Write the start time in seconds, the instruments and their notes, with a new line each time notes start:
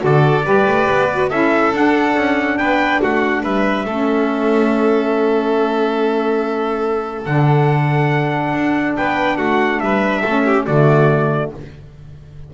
0.00 double bass D3, saxophone F#4, trumpet D5
0.06 violin A4
0.44 double bass G3, saxophone G4, violin B4
0.68 double bass A3
0.91 double bass B3
1.13 saxophone F#4
1.30 double bass C#4, saxophone E4, violin A4, trumpet E5
1.73 double bass D4, saxophone D4, trumpet F#5
2.16 double bass C#4
2.59 double bass B3, violin B4, trumpet G5
3.02 double bass A3, violin F#4, trumpet F#5
3.43 double bass G3, violin B4, trumpet E5
3.86 double bass A3, saxophone C#4, violin A4
7.26 double bass D3, saxophone D4, trumpet F#5
8.54 double bass D4
8.97 double bass B3, violin B4, trumpet G5
9.38 double bass A3, violin F#4, trumpet F#5
9.81 double bass G3, violin B4, trumpet E5
10.22 double bass A3, saxophone C#4, violin A4
10.46 violin G4
10.66 double bass D3, saxophone A3, violin F#4, trumpet D5